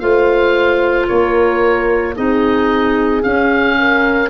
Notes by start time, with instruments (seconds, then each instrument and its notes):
0.00 tuba A3, clarinet F4, horn C5, oboe F5
1.08 tuba A#3, horn A#4, oboe C#5
2.16 tuba C4, clarinet D#4, horn G#4, oboe D#5
3.23 clarinet C#4, tuba C#4, oboe F5
3.79 horn A#4